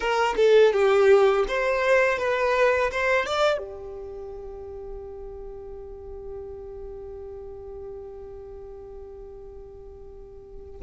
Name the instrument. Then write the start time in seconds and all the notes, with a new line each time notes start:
violin
0.00 A#4
0.36 A4
0.72 G4
1.48 C5
2.18 B4
2.91 C5
3.26 D5
3.58 G4